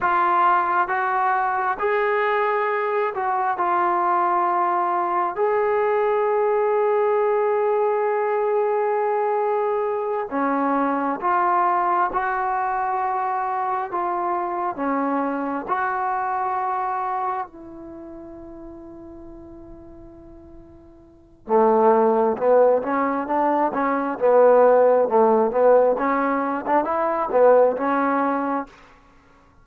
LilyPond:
\new Staff \with { instrumentName = "trombone" } { \time 4/4 \tempo 4 = 67 f'4 fis'4 gis'4. fis'8 | f'2 gis'2~ | gis'2.~ gis'8 cis'8~ | cis'8 f'4 fis'2 f'8~ |
f'8 cis'4 fis'2 e'8~ | e'1 | a4 b8 cis'8 d'8 cis'8 b4 | a8 b8 cis'8. d'16 e'8 b8 cis'4 | }